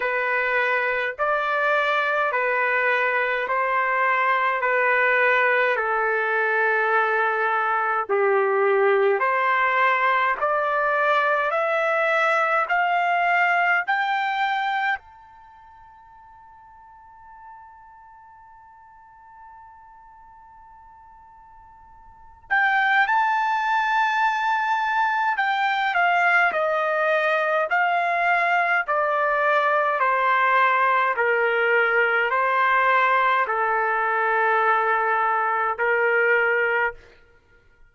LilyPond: \new Staff \with { instrumentName = "trumpet" } { \time 4/4 \tempo 4 = 52 b'4 d''4 b'4 c''4 | b'4 a'2 g'4 | c''4 d''4 e''4 f''4 | g''4 a''2.~ |
a''2.~ a''8 g''8 | a''2 g''8 f''8 dis''4 | f''4 d''4 c''4 ais'4 | c''4 a'2 ais'4 | }